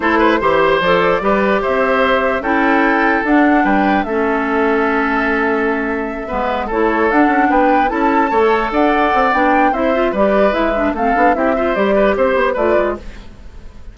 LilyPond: <<
  \new Staff \with { instrumentName = "flute" } { \time 4/4 \tempo 4 = 148 c''2 d''2 | e''2 g''2 | fis''4 g''4 e''2~ | e''1~ |
e''8 cis''4 fis''4 g''4 a''8~ | a''4. fis''4. g''4 | e''4 d''4 e''4 f''4 | e''4 d''4 c''4 d''4 | }
  \new Staff \with { instrumentName = "oboe" } { \time 4/4 a'8 b'8 c''2 b'4 | c''2 a'2~ | a'4 b'4 a'2~ | a'2.~ a'8 b'8~ |
b'8 a'2 b'4 a'8~ | a'8 cis''4 d''2~ d''8 | c''4 b'2 a'4 | g'8 c''4 b'8 c''4 b'4 | }
  \new Staff \with { instrumentName = "clarinet" } { \time 4/4 e'4 g'4 a'4 g'4~ | g'2 e'2 | d'2 cis'2~ | cis'2.~ cis'8 b8~ |
b8 e'4 d'2 e'8~ | e'8 a'2~ a'8 d'4 | e'8 f'8 g'4 e'8 d'8 c'8 d'8 | e'8 f'8 g'2 f'4 | }
  \new Staff \with { instrumentName = "bassoon" } { \time 4/4 a4 e4 f4 g4 | c'2 cis'2 | d'4 g4 a2~ | a2.~ a8 gis8~ |
gis8 a4 d'8 cis'8 b4 cis'8~ | cis'8 a4 d'4 c'8 b4 | c'4 g4 gis4 a8 b8 | c'4 g4 c'8 b8 a8 gis8 | }
>>